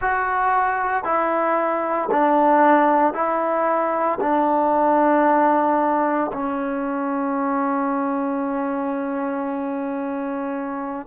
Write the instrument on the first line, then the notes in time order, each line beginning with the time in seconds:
trombone
0.00 F#4
1.04 E4
2.11 D4
3.13 E4
4.20 D4
6.32 C#4